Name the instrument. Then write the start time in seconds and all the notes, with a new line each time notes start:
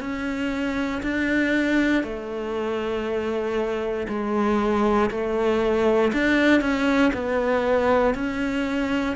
cello
0.00 C#4
1.03 D4
2.03 A3
4.08 G#3
5.11 A3
6.13 D4
6.61 C#4
7.13 B3
8.14 C#4